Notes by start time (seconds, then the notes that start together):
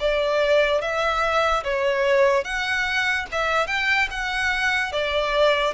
0.00 D5
0.81 E5
1.64 C#5
2.44 F#5
3.32 E5
3.67 G5
4.11 F#5
4.92 D5